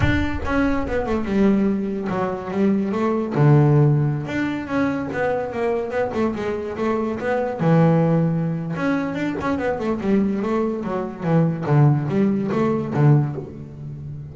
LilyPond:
\new Staff \with { instrumentName = "double bass" } { \time 4/4 \tempo 4 = 144 d'4 cis'4 b8 a8 g4~ | g4 fis4 g4 a4 | d2~ d16 d'4 cis'8.~ | cis'16 b4 ais4 b8 a8 gis8.~ |
gis16 a4 b4 e4.~ e16~ | e4 cis'4 d'8 cis'8 b8 a8 | g4 a4 fis4 e4 | d4 g4 a4 d4 | }